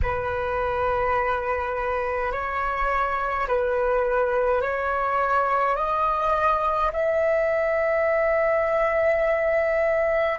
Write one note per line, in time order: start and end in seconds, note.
0.02 2.31 B4
2.31 3.47 C#5
3.47 4.62 B4
4.62 5.75 C#5
5.75 6.91 D#5
6.92 10.38 E5